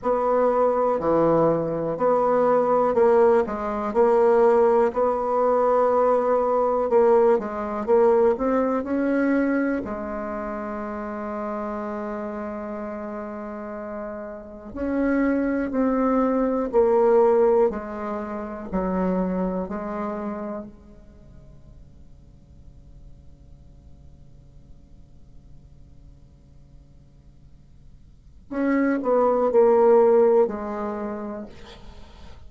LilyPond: \new Staff \with { instrumentName = "bassoon" } { \time 4/4 \tempo 4 = 61 b4 e4 b4 ais8 gis8 | ais4 b2 ais8 gis8 | ais8 c'8 cis'4 gis2~ | gis2. cis'4 |
c'4 ais4 gis4 fis4 | gis4 cis2.~ | cis1~ | cis4 cis'8 b8 ais4 gis4 | }